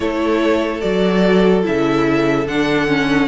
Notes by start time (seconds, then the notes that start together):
0.00 A3 E4 A4 C#5
0.80 F#3 F#4 D5
1.62 C#3 E4 E5
2.46 D3 D4 F#5
2.87 C#4